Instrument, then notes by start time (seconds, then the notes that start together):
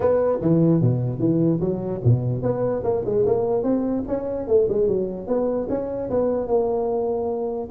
tuba
0.00 B3
0.41 E3
0.81 B2
1.19 E3
1.60 F#3
2.04 B2
2.42 B3
2.83 A#3
3.05 G#3
3.26 A#3
3.63 C4
4.07 C#4
4.47 A3
4.68 G#3
4.87 F#3
5.27 B3
5.69 C#4
6.09 B3
6.47 A#3